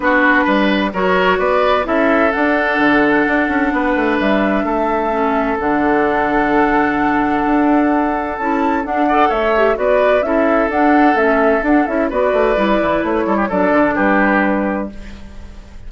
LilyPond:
<<
  \new Staff \with { instrumentName = "flute" } { \time 4/4 \tempo 4 = 129 b'2 cis''4 d''4 | e''4 fis''2.~ | fis''4 e''2. | fis''1~ |
fis''2 a''4 fis''4 | e''4 d''4 e''4 fis''4 | e''4 fis''8 e''8 d''2 | cis''4 d''4 b'2 | }
  \new Staff \with { instrumentName = "oboe" } { \time 4/4 fis'4 b'4 ais'4 b'4 | a'1 | b'2 a'2~ | a'1~ |
a'2.~ a'8 d''8 | cis''4 b'4 a'2~ | a'2 b'2~ | b'8 a'16 g'16 a'4 g'2 | }
  \new Staff \with { instrumentName = "clarinet" } { \time 4/4 d'2 fis'2 | e'4 d'2.~ | d'2. cis'4 | d'1~ |
d'2 e'4 d'8 a'8~ | a'8 g'8 fis'4 e'4 d'4 | cis'4 d'8 e'8 fis'4 e'4~ | e'4 d'2. | }
  \new Staff \with { instrumentName = "bassoon" } { \time 4/4 b4 g4 fis4 b4 | cis'4 d'4 d4 d'8 cis'8 | b8 a8 g4 a2 | d1 |
d'2 cis'4 d'4 | a4 b4 cis'4 d'4 | a4 d'8 cis'8 b8 a8 g8 e8 | a8 g8 fis8 d8 g2 | }
>>